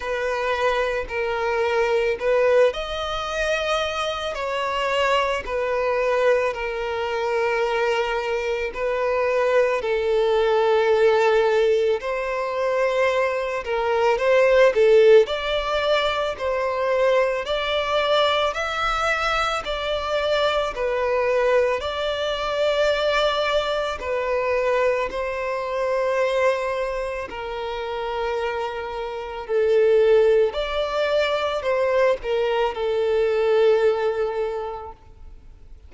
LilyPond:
\new Staff \with { instrumentName = "violin" } { \time 4/4 \tempo 4 = 55 b'4 ais'4 b'8 dis''4. | cis''4 b'4 ais'2 | b'4 a'2 c''4~ | c''8 ais'8 c''8 a'8 d''4 c''4 |
d''4 e''4 d''4 b'4 | d''2 b'4 c''4~ | c''4 ais'2 a'4 | d''4 c''8 ais'8 a'2 | }